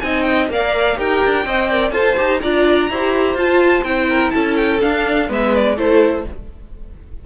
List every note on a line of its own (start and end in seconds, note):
0.00 0.49 C4
0.00 0.49 D#4
0.00 0.51 D#5
0.00 0.22 G#5
0.22 0.46 G5
0.49 0.97 A#3
0.49 0.95 A#4
0.49 0.97 D5
0.49 0.99 F5
0.95 1.22 D#4
0.95 1.43 G4
0.95 1.45 A#4
0.95 1.90 G5
1.25 1.45 D4
1.45 1.92 C4
1.45 1.70 C5
1.45 1.69 D#5
1.69 1.91 A#4
1.69 1.93 D5
1.90 2.16 F4
1.90 2.15 A4
1.90 2.41 C5
1.90 2.38 A5
2.17 2.43 D#4
2.17 2.41 G4
2.40 2.89 D4
2.40 2.90 F4
2.40 2.90 D5
2.40 3.36 A#5
2.89 3.34 E4
2.89 3.37 G4
2.89 4.09 C5
3.34 3.82 F4
3.34 3.85 F4
3.34 3.83 A5
3.83 4.31 C4
3.83 4.80 E4
3.83 4.30 G5
4.09 4.33 A#4
4.30 4.82 C#4
4.30 5.29 A4
4.30 4.54 A5
4.56 4.80 G5
4.80 5.28 D4
4.80 5.29 D4
4.80 5.29 F5
5.28 5.77 G#3
5.28 5.76 B3
5.28 5.76 B4
5.28 5.55 E5
5.55 5.78 D5
5.76 6.25 A3
5.76 6.25 E4
5.76 6.24 A4
5.76 6.26 C5